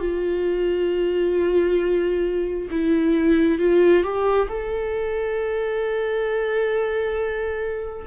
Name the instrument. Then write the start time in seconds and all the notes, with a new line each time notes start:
viola
0.00 F4
2.71 E4
3.59 F4
4.03 G4
4.49 A4